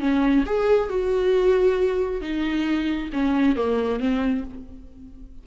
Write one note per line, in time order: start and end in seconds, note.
0.00 0.44 C#4
0.46 0.89 G#4
0.89 2.21 F#4
2.21 3.10 D#4
3.13 3.56 C#4
3.56 3.99 A#3
3.99 4.44 C4